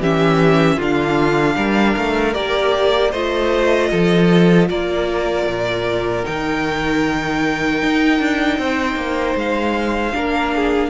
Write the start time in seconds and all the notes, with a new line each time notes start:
0.00 E3 C#4 G4 E5
0.77 D3 D4 F4 F5
1.56 G3 A#4
1.97 A3
2.34 A#3 G4 D5
3.11 A3 F4 C5 D#5
3.91 F3 A4
4.70 A#3 A#4 D5
5.47 A#2
6.23 D#3 D#4 G5
7.83 D#4
8.19 D4
8.58 C4 C5
8.96 A#3
9.36 G#3 F5
10.14 A#3 D4 A#4
10.56 G#4